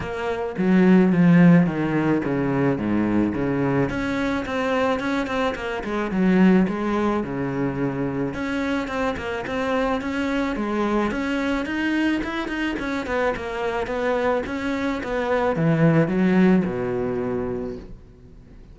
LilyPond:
\new Staff \with { instrumentName = "cello" } { \time 4/4 \tempo 4 = 108 ais4 fis4 f4 dis4 | cis4 gis,4 cis4 cis'4 | c'4 cis'8 c'8 ais8 gis8 fis4 | gis4 cis2 cis'4 |
c'8 ais8 c'4 cis'4 gis4 | cis'4 dis'4 e'8 dis'8 cis'8 b8 | ais4 b4 cis'4 b4 | e4 fis4 b,2 | }